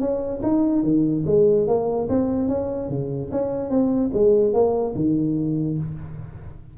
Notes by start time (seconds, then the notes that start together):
0.00 C#4
0.42 D#4
0.83 D#3
1.26 G#3
1.67 A#3
2.09 C4
2.48 C#4
2.89 C#3
3.31 C#4
3.69 C4
4.13 G#3
4.53 A#3
4.95 D#3